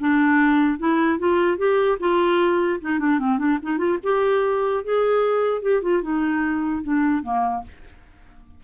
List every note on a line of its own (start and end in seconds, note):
0.00 0.79 D4
0.79 1.19 E4
1.19 1.58 F4
1.58 1.98 G4
2.00 2.80 F4
2.81 2.99 D#4
2.99 3.19 D4
3.19 3.38 C4
3.38 3.59 D4
3.62 3.78 D#4
3.78 3.98 F4
4.03 4.84 G4
4.84 5.62 G#4
5.62 5.82 G4
5.82 6.02 F4
6.03 6.83 D#4
6.83 7.23 D4
7.23 7.63 A#3